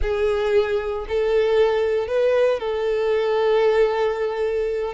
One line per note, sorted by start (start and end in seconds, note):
0.01 1.06 G#4
1.08 2.07 A4
2.07 2.59 B4
2.59 4.93 A4